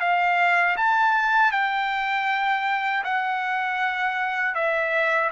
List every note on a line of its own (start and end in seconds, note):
0.00 0.76 F5
0.77 1.52 A5
1.52 3.04 G5
3.04 4.55 F#5
4.55 5.31 E5